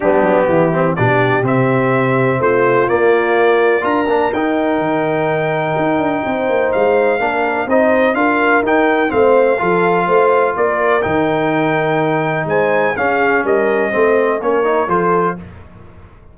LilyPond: <<
  \new Staff \with { instrumentName = "trumpet" } { \time 4/4 \tempo 4 = 125 g'2 d''4 e''4~ | e''4 c''4 d''2 | ais''4 g''2.~ | g''2 f''2 |
dis''4 f''4 g''4 f''4~ | f''2 d''4 g''4~ | g''2 gis''4 f''4 | dis''2 cis''4 c''4 | }
  \new Staff \with { instrumentName = "horn" } { \time 4/4 d'4 e'4 g'2~ | g'4 f'2. | ais'1~ | ais'4 c''2 ais'4 |
c''4 ais'2 c''4 | a'4 c''4 ais'2~ | ais'2 c''4 gis'4 | ais'4 c''4 ais'4 a'4 | }
  \new Staff \with { instrumentName = "trombone" } { \time 4/4 b4. c'8 d'4 c'4~ | c'2 ais2 | f'8 d'8 dis'2.~ | dis'2. d'4 |
dis'4 f'4 dis'4 c'4 | f'2. dis'4~ | dis'2. cis'4~ | cis'4 c'4 cis'8 dis'8 f'4 | }
  \new Staff \with { instrumentName = "tuba" } { \time 4/4 g8 fis8 e4 b,4 c4~ | c4 a4 ais2 | d'8 ais8 dis'4 dis2 | dis'8 d'8 c'8 ais8 gis4 ais4 |
c'4 d'4 dis'4 a4 | f4 a4 ais4 dis4~ | dis2 gis4 cis'4 | g4 a4 ais4 f4 | }
>>